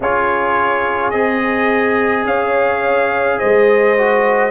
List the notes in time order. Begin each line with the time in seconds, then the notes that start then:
0.00 C#4 F4 G#4 C#5
1.10 C4 G#4 D#5
2.25 C#4 C#5 F5
3.38 G#3 C5 D#5
3.97 F#4